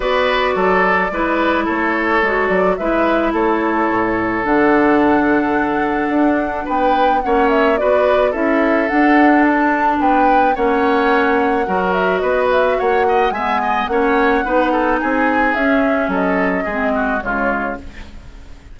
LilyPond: <<
  \new Staff \with { instrumentName = "flute" } { \time 4/4 \tempo 4 = 108 d''2. cis''4~ | cis''8 d''8 e''4 cis''2 | fis''1 | g''4 fis''8 e''8 d''4 e''4 |
fis''4 a''4 g''4 fis''4~ | fis''4. e''8 dis''8 e''8 fis''4 | gis''4 fis''2 gis''4 | e''4 dis''2 cis''4 | }
  \new Staff \with { instrumentName = "oboe" } { \time 4/4 b'4 a'4 b'4 a'4~ | a'4 b'4 a'2~ | a'1 | b'4 cis''4 b'4 a'4~ |
a'2 b'4 cis''4~ | cis''4 ais'4 b'4 cis''8 dis''8 | e''8 dis''8 cis''4 b'8 a'8 gis'4~ | gis'4 a'4 gis'8 fis'8 f'4 | }
  \new Staff \with { instrumentName = "clarinet" } { \time 4/4 fis'2 e'2 | fis'4 e'2. | d'1~ | d'4 cis'4 fis'4 e'4 |
d'2. cis'4~ | cis'4 fis'2. | b4 cis'4 dis'2 | cis'2 c'4 gis4 | }
  \new Staff \with { instrumentName = "bassoon" } { \time 4/4 b4 fis4 gis4 a4 | gis8 fis8 gis4 a4 a,4 | d2. d'4 | b4 ais4 b4 cis'4 |
d'2 b4 ais4~ | ais4 fis4 b4 ais4 | gis4 ais4 b4 c'4 | cis'4 fis4 gis4 cis4 | }
>>